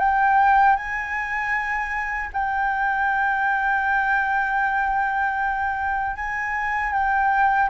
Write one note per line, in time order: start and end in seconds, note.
0.00 0.77 G5
0.77 2.30 G#5
2.34 6.16 G5
6.16 6.93 G#5
6.93 7.70 G5